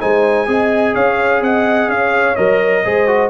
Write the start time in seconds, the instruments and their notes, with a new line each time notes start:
0.00 tuba G#3, trombone D#4, horn C5, trumpet G#5
0.47 tuba C4, trombone G#4, horn D#5
0.94 tuba C#4, horn C#5, trumpet F5
1.41 tuba C4, horn D#5, trumpet F#5
1.88 tuba C#4, horn C#5, trumpet F5
2.36 tuba F#3, trombone A#4, trumpet D#5
2.85 tuba G#3, trombone G#4, horn C5
3.07 trombone F#4